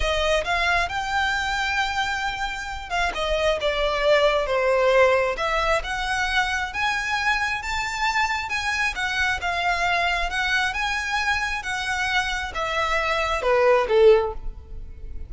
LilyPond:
\new Staff \with { instrumentName = "violin" } { \time 4/4 \tempo 4 = 134 dis''4 f''4 g''2~ | g''2~ g''8 f''8 dis''4 | d''2 c''2 | e''4 fis''2 gis''4~ |
gis''4 a''2 gis''4 | fis''4 f''2 fis''4 | gis''2 fis''2 | e''2 b'4 a'4 | }